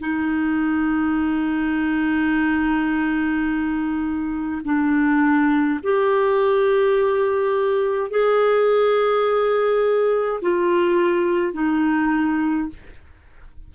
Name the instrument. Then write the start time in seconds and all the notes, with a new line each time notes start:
clarinet
0.00 D#4
4.65 D4
5.83 G4
8.10 G#4
10.42 F4
11.53 D#4